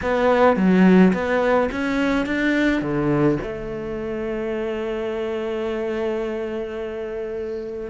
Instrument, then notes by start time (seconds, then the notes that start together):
cello
0.02 B3
0.56 F#3
1.13 B3
1.71 C#4
2.25 D4
2.81 D3
3.42 A3